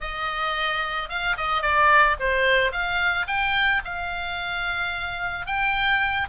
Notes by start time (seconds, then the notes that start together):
0.00 D#5
1.09 F5
1.37 D#5
1.61 D5
2.19 C5
2.71 F5
3.27 G5
3.84 F5
5.46 G5